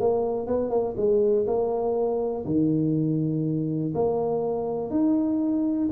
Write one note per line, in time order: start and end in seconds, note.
0.00 0.47 A#3
0.47 0.70 B3
0.70 0.95 A#3
0.97 1.46 G#3
1.47 2.45 A#3
2.46 3.93 D#3
3.95 4.90 A#3
4.90 5.89 D#4